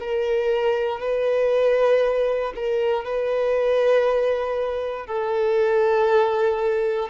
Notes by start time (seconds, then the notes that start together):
0.00 A#4
1.00 B4
2.56 A#4
3.05 B4
5.07 A4